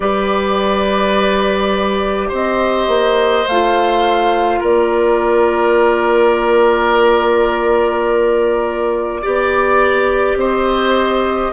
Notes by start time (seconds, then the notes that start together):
0.00 G3 G4 B4 D5
2.28 C4 C5 D#5
2.87 A#3
3.47 A3 F4 F5
4.59 A#3 A#4 D5
9.22 B3 G4 D5
10.35 C4 C5 D#5